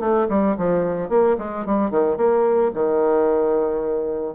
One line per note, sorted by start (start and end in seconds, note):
0.00 0.27 A3
0.29 0.56 G3
0.58 1.09 F3
1.09 1.36 A#3
1.38 1.66 G#3
1.66 1.91 G3
1.91 2.17 D#3
2.17 2.71 A#3
2.74 4.35 D#3